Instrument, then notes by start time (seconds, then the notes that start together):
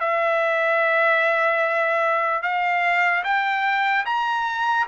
trumpet
0.00 E5
2.42 F5
3.24 G5
4.05 A#5